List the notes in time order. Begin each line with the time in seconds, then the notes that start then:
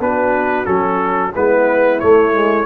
0.00 B3 D4 F#4 B4
0.65 F#3 C#4 A4
1.34 G#3 B3 E4 B4
2.00 A3 C#5
2.33 G#3